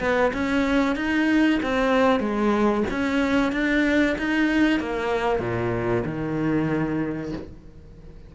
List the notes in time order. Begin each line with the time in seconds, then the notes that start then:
0.00 B3
0.33 C#4
0.96 D#4
1.62 C4
2.20 G#3
2.90 C#4
3.53 D4
4.18 D#4
4.80 A#3
5.39 A#2
6.05 D#3